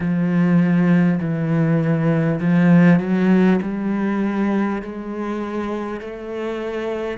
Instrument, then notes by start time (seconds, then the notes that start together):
cello
0.00 F3
1.19 E3
2.40 F3
2.99 F#3
3.62 G3
4.82 G#3
6.00 A3